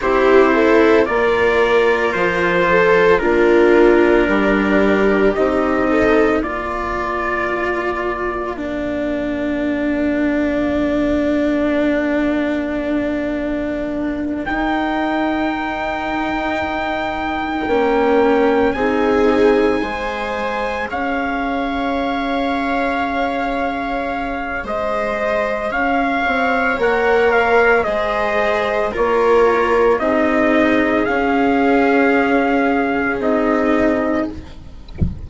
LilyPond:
<<
  \new Staff \with { instrumentName = "trumpet" } { \time 4/4 \tempo 4 = 56 c''4 d''4 c''4 ais'4~ | ais'4 dis''4 d''2 | f''1~ | f''4. g''2~ g''8~ |
g''4. gis''2 f''8~ | f''2. dis''4 | f''4 fis''8 f''8 dis''4 cis''4 | dis''4 f''2 dis''4 | }
  \new Staff \with { instrumentName = "viola" } { \time 4/4 g'8 a'8 ais'4. a'8 f'4 | g'4. a'8 ais'2~ | ais'1~ | ais'1~ |
ais'4. gis'4 c''4 cis''8~ | cis''2. c''4 | cis''2 c''4 ais'4 | gis'1 | }
  \new Staff \with { instrumentName = "cello" } { \time 4/4 e'4 f'2 d'4~ | d'4 dis'4 f'2 | d'1~ | d'4. dis'2~ dis'8~ |
dis'8 cis'4 dis'4 gis'4.~ | gis'1~ | gis'4 ais'4 gis'4 f'4 | dis'4 cis'2 dis'4 | }
  \new Staff \with { instrumentName = "bassoon" } { \time 4/4 c'4 ais4 f4 ais4 | g4 c'4 ais2~ | ais1~ | ais4. dis'2~ dis'8~ |
dis'8 ais4 c'4 gis4 cis'8~ | cis'2. gis4 | cis'8 c'8 ais4 gis4 ais4 | c'4 cis'2 c'4 | }
>>